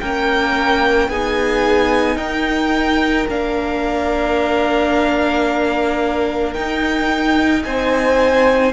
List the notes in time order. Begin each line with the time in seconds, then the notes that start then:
0.00 A#3 C#4 A#4 G5
1.08 B3 D#4 G#4 G#5
2.15 D#4 A#4 G5
3.28 A#3 D4 F5
6.53 D#4 G5
7.63 C4 C5 G#5